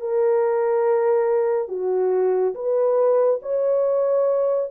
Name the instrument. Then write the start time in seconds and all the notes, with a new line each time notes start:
horn
0.00 A#4
1.68 F#4
2.54 B4
3.42 C#5